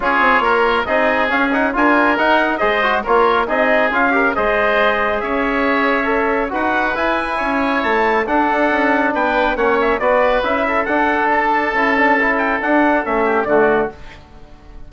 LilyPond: <<
  \new Staff \with { instrumentName = "trumpet" } { \time 4/4 \tempo 4 = 138 cis''2 dis''4 f''8 fis''8 | gis''4 fis''4 dis''4 cis''4 | dis''4 f''4 dis''2 | e''2. fis''4 |
gis''2 a''4 fis''4~ | fis''4 g''4 fis''8 e''8 d''4 | e''4 fis''4 a''2~ | a''8 g''8 fis''4 e''4 d''4 | }
  \new Staff \with { instrumentName = "oboe" } { \time 4/4 gis'4 ais'4 gis'2 | ais'2 c''4 ais'4 | gis'4. ais'8 c''2 | cis''2. b'4~ |
b'4 cis''2 a'4~ | a'4 b'4 cis''4 b'4~ | b'8 a'2.~ a'8~ | a'2~ a'8 g'8 fis'4 | }
  \new Staff \with { instrumentName = "trombone" } { \time 4/4 f'2 dis'4 cis'8 dis'8 | f'4 dis'4 gis'8 fis'8 f'4 | dis'4 f'8 g'8 gis'2~ | gis'2 a'4 fis'4 |
e'2. d'4~ | d'2 cis'4 fis'4 | e'4 d'2 e'8 d'8 | e'4 d'4 cis'4 a4 | }
  \new Staff \with { instrumentName = "bassoon" } { \time 4/4 cis'8 c'8 ais4 c'4 cis'4 | d'4 dis'4 gis4 ais4 | c'4 cis'4 gis2 | cis'2. dis'4 |
e'4 cis'4 a4 d'4 | cis'4 b4 ais4 b4 | cis'4 d'2 cis'4~ | cis'4 d'4 a4 d4 | }
>>